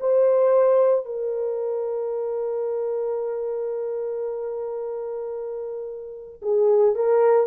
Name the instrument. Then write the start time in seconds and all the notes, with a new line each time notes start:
horn
0.00 C5
1.06 A#4
6.42 G#4
6.95 A#4